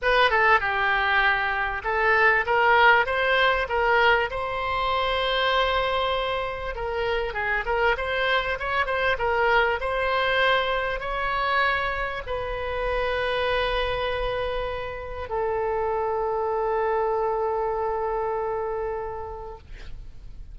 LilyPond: \new Staff \with { instrumentName = "oboe" } { \time 4/4 \tempo 4 = 98 b'8 a'8 g'2 a'4 | ais'4 c''4 ais'4 c''4~ | c''2. ais'4 | gis'8 ais'8 c''4 cis''8 c''8 ais'4 |
c''2 cis''2 | b'1~ | b'4 a'2.~ | a'1 | }